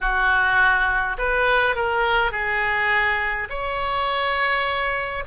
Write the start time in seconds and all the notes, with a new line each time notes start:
0.00 F#4
1.18 B4
1.75 A#4
2.31 G#4
3.49 C#5